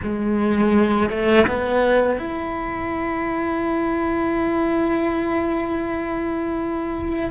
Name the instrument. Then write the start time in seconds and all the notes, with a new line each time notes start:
cello
0.03 G#3
1.10 A3
1.47 B3
2.18 E4